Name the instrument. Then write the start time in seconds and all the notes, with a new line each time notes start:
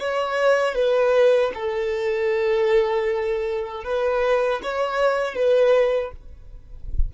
violin
0.00 C#5
0.75 B4
1.55 A4
3.85 B4
4.63 C#5
5.35 B4